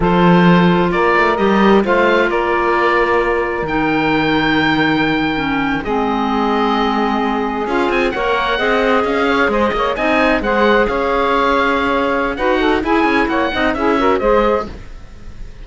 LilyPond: <<
  \new Staff \with { instrumentName = "oboe" } { \time 4/4 \tempo 4 = 131 c''2 d''4 dis''4 | f''4 d''2. | g''1~ | g''8. dis''2.~ dis''16~ |
dis''8. f''8 gis''8 fis''2 f''16~ | f''8. dis''4 gis''4 fis''4 f''16~ | f''2. fis''4 | gis''4 fis''4 e''4 dis''4 | }
  \new Staff \with { instrumentName = "saxophone" } { \time 4/4 a'2 ais'2 | c''4 ais'2.~ | ais'1~ | ais'8. gis'2.~ gis'16~ |
gis'4.~ gis'16 cis''4 dis''4~ dis''16~ | dis''16 cis''8 c''8 cis''8 dis''4 c''4 cis''16~ | cis''2. b'8 a'8 | gis'4 cis''8 dis''8 gis'8 ais'8 c''4 | }
  \new Staff \with { instrumentName = "clarinet" } { \time 4/4 f'2. g'4 | f'1 | dis'2.~ dis'8. cis'16~ | cis'8. c'2.~ c'16~ |
c'8. f'4 ais'4 gis'4~ gis'16~ | gis'4.~ gis'16 dis'4 gis'4~ gis'16~ | gis'2. fis'4 | e'4. dis'8 e'8 fis'8 gis'4 | }
  \new Staff \with { instrumentName = "cello" } { \time 4/4 f2 ais8 a8 g4 | a4 ais2. | dis1~ | dis8. gis2.~ gis16~ |
gis8. cis'8 c'8 ais4 c'4 cis'16~ | cis'8. gis8 ais8 c'4 gis4 cis'16~ | cis'2. dis'4 | e'8 cis'8 ais8 c'8 cis'4 gis4 | }
>>